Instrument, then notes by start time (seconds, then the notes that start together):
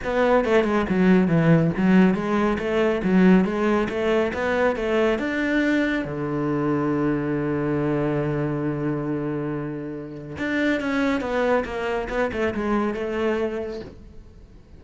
cello
0.04 B3
0.44 A3
0.64 G#3
0.89 F#3
1.27 E3
1.76 F#3
2.14 G#3
2.58 A3
3.03 F#3
3.45 G#3
3.89 A3
4.33 B3
4.75 A3
5.18 D4
6.05 D3
10.38 D4
10.80 C#4
11.20 B3
11.64 A#3
12.09 B3
12.32 A3
12.54 G#3
12.94 A3